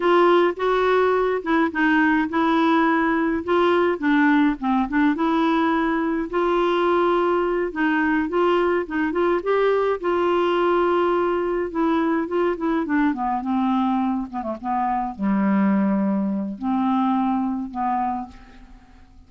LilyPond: \new Staff \with { instrumentName = "clarinet" } { \time 4/4 \tempo 4 = 105 f'4 fis'4. e'8 dis'4 | e'2 f'4 d'4 | c'8 d'8 e'2 f'4~ | f'4. dis'4 f'4 dis'8 |
f'8 g'4 f'2~ f'8~ | f'8 e'4 f'8 e'8 d'8 b8 c'8~ | c'4 b16 a16 b4 g4.~ | g4 c'2 b4 | }